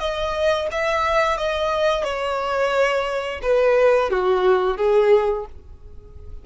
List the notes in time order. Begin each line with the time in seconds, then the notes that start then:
0.00 D#5
0.72 E5
1.38 D#5
2.04 C#5
3.42 B4
4.11 F#4
4.77 G#4